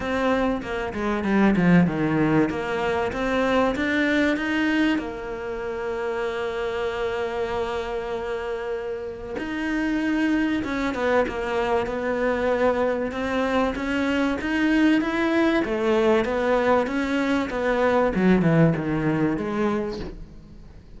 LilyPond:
\new Staff \with { instrumentName = "cello" } { \time 4/4 \tempo 4 = 96 c'4 ais8 gis8 g8 f8 dis4 | ais4 c'4 d'4 dis'4 | ais1~ | ais2. dis'4~ |
dis'4 cis'8 b8 ais4 b4~ | b4 c'4 cis'4 dis'4 | e'4 a4 b4 cis'4 | b4 fis8 e8 dis4 gis4 | }